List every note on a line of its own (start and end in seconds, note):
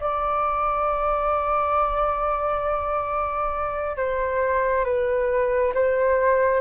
0.00 3.97 D5
3.97 4.84 C5
4.84 5.73 B4
5.74 6.61 C5